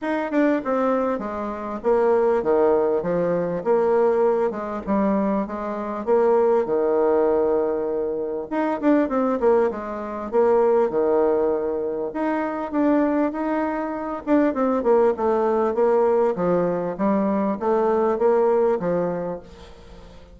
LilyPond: \new Staff \with { instrumentName = "bassoon" } { \time 4/4 \tempo 4 = 99 dis'8 d'8 c'4 gis4 ais4 | dis4 f4 ais4. gis8 | g4 gis4 ais4 dis4~ | dis2 dis'8 d'8 c'8 ais8 |
gis4 ais4 dis2 | dis'4 d'4 dis'4. d'8 | c'8 ais8 a4 ais4 f4 | g4 a4 ais4 f4 | }